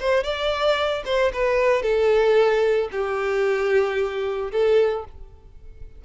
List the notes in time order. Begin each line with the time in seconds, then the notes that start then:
0.00 C5
0.24 D5
1.05 C5
1.33 B4
1.82 A4
2.92 G4
4.52 A4